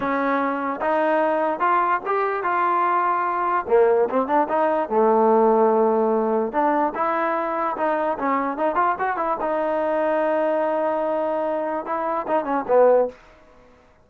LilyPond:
\new Staff \with { instrumentName = "trombone" } { \time 4/4 \tempo 4 = 147 cis'2 dis'2 | f'4 g'4 f'2~ | f'4 ais4 c'8 d'8 dis'4 | a1 |
d'4 e'2 dis'4 | cis'4 dis'8 f'8 fis'8 e'8 dis'4~ | dis'1~ | dis'4 e'4 dis'8 cis'8 b4 | }